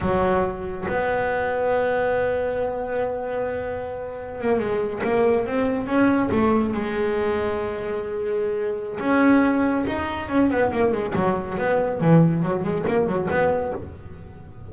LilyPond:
\new Staff \with { instrumentName = "double bass" } { \time 4/4 \tempo 4 = 140 fis2 b2~ | b1~ | b2~ b16 ais8 gis4 ais16~ | ais8. c'4 cis'4 a4 gis16~ |
gis1~ | gis4 cis'2 dis'4 | cis'8 b8 ais8 gis8 fis4 b4 | e4 fis8 gis8 ais8 fis8 b4 | }